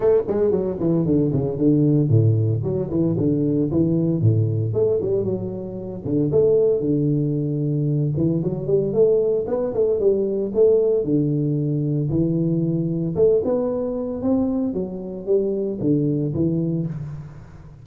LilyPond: \new Staff \with { instrumentName = "tuba" } { \time 4/4 \tempo 4 = 114 a8 gis8 fis8 e8 d8 cis8 d4 | a,4 fis8 e8 d4 e4 | a,4 a8 g8 fis4. d8 | a4 d2~ d8 e8 |
fis8 g8 a4 b8 a8 g4 | a4 d2 e4~ | e4 a8 b4. c'4 | fis4 g4 d4 e4 | }